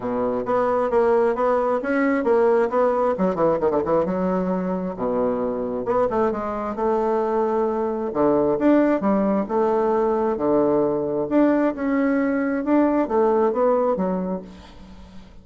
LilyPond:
\new Staff \with { instrumentName = "bassoon" } { \time 4/4 \tempo 4 = 133 b,4 b4 ais4 b4 | cis'4 ais4 b4 fis8 e8 | dis16 d16 e8 fis2 b,4~ | b,4 b8 a8 gis4 a4~ |
a2 d4 d'4 | g4 a2 d4~ | d4 d'4 cis'2 | d'4 a4 b4 fis4 | }